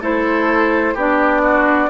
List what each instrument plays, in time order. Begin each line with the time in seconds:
0.00 bassoon A3, clarinet E4, oboe A4, flute C5
0.94 bassoon B3, clarinet D4, oboe G4, flute D5
1.42 oboe F#4